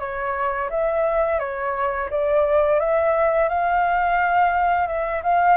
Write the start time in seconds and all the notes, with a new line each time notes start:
0.00 C#5
0.70 E5
1.40 C#5
2.10 D5
2.80 E5
3.49 F5
4.87 E5
5.24 F5